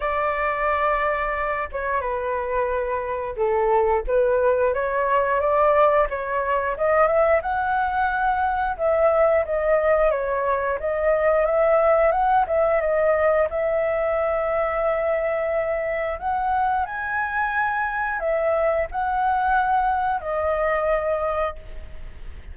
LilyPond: \new Staff \with { instrumentName = "flute" } { \time 4/4 \tempo 4 = 89 d''2~ d''8 cis''8 b'4~ | b'4 a'4 b'4 cis''4 | d''4 cis''4 dis''8 e''8 fis''4~ | fis''4 e''4 dis''4 cis''4 |
dis''4 e''4 fis''8 e''8 dis''4 | e''1 | fis''4 gis''2 e''4 | fis''2 dis''2 | }